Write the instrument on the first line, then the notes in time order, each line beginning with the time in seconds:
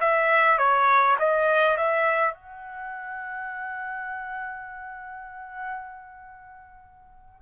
trumpet
0.00 E5
0.58 C#5
1.19 D#5
1.77 E5
2.34 F#5